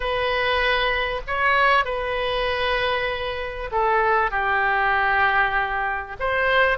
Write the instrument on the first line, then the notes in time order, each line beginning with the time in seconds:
oboe
0.00 B4
1.27 C#5
1.84 B4
3.71 A4
4.30 G4
6.19 C5